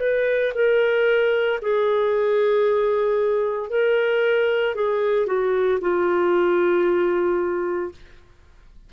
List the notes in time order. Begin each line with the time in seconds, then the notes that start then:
0.00 B4
0.55 A#4
1.62 G#4
3.70 A#4
4.75 G#4
5.26 F#4
5.81 F4